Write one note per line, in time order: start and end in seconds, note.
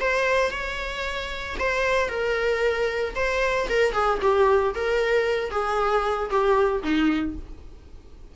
0.00 0.51 C5
0.51 1.56 C#5
1.59 2.09 C5
2.09 3.14 A#4
3.15 3.68 C5
3.69 3.92 A#4
3.92 4.18 G#4
4.21 4.74 G4
4.74 5.50 A#4
5.50 6.29 G#4
6.30 6.83 G4
6.83 7.35 D#4